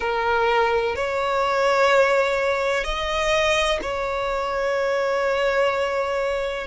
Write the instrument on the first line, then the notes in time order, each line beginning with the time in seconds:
violin
0.00 A#4
0.95 C#5
2.84 D#5
3.81 C#5